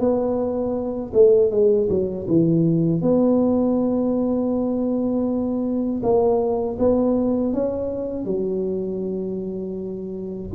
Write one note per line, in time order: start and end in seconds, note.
0.00 1.12 B3
1.14 1.51 A3
1.51 1.89 G#3
1.89 2.27 F#3
2.28 3.02 E3
3.02 6.02 B3
6.03 6.78 A#3
6.79 7.54 B3
7.54 8.25 C#4
8.25 10.50 F#3